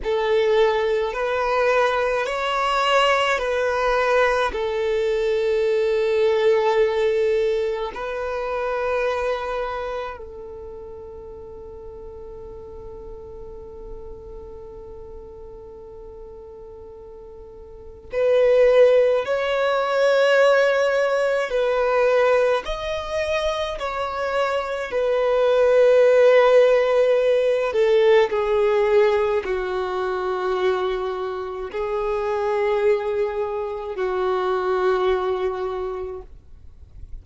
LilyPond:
\new Staff \with { instrumentName = "violin" } { \time 4/4 \tempo 4 = 53 a'4 b'4 cis''4 b'4 | a'2. b'4~ | b'4 a'2.~ | a'1 |
b'4 cis''2 b'4 | dis''4 cis''4 b'2~ | b'8 a'8 gis'4 fis'2 | gis'2 fis'2 | }